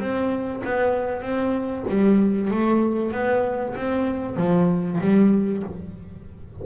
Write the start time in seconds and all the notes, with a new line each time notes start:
0.00 C4
0.65 B3
1.22 C4
1.89 G3
2.51 A3
3.12 B3
3.76 C4
4.37 F3
5.01 G3